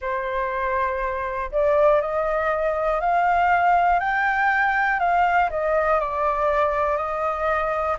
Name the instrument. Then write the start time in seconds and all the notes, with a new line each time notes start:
flute
0.00 C5
1.51 D5
2.00 D#5
3.00 F5
4.00 G5
5.00 F5
5.50 D#5
6.00 D5
6.96 D#5